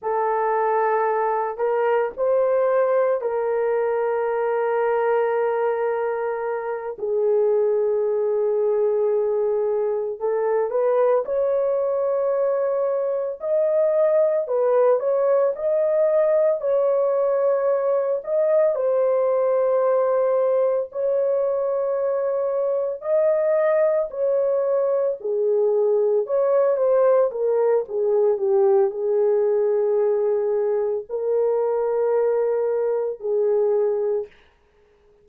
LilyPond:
\new Staff \with { instrumentName = "horn" } { \time 4/4 \tempo 4 = 56 a'4. ais'8 c''4 ais'4~ | ais'2~ ais'8 gis'4.~ | gis'4. a'8 b'8 cis''4.~ | cis''8 dis''4 b'8 cis''8 dis''4 cis''8~ |
cis''4 dis''8 c''2 cis''8~ | cis''4. dis''4 cis''4 gis'8~ | gis'8 cis''8 c''8 ais'8 gis'8 g'8 gis'4~ | gis'4 ais'2 gis'4 | }